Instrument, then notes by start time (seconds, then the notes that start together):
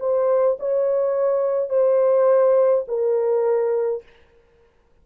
horn
0.00 C5
0.59 C#5
1.69 C5
2.88 A#4